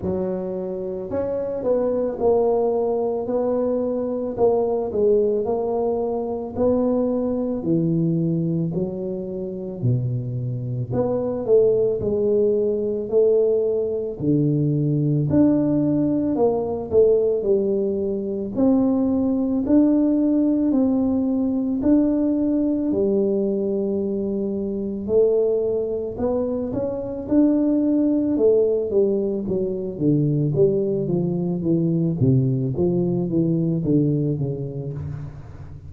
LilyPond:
\new Staff \with { instrumentName = "tuba" } { \time 4/4 \tempo 4 = 55 fis4 cis'8 b8 ais4 b4 | ais8 gis8 ais4 b4 e4 | fis4 b,4 b8 a8 gis4 | a4 d4 d'4 ais8 a8 |
g4 c'4 d'4 c'4 | d'4 g2 a4 | b8 cis'8 d'4 a8 g8 fis8 d8 | g8 f8 e8 c8 f8 e8 d8 cis8 | }